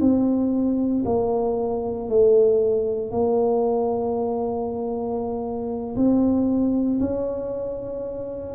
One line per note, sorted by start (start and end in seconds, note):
0.00 1.03 C4
1.05 2.08 A#3
2.08 3.11 A3
3.11 5.95 A#3
5.95 6.99 C4
7.00 8.55 C#4